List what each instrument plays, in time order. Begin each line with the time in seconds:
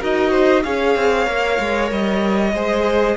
0.00 cello D#4, viola F#4, violin A#4 D#5
0.31 violin C5
0.63 cello C#4, viola G#4, violin C#5 F5
0.96 cello C4
1.26 cello A#3, viola A#4
1.59 cello G#3
1.91 cello G3, violin D#5
2.53 cello G#3, viola G#4, violin C5